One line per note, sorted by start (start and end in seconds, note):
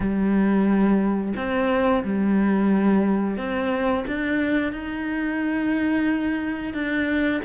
0.00 1.33 G3
1.36 2.03 C4
2.04 3.37 G3
3.37 4.04 C4
4.07 4.72 D4
4.72 6.73 D#4
6.73 7.40 D4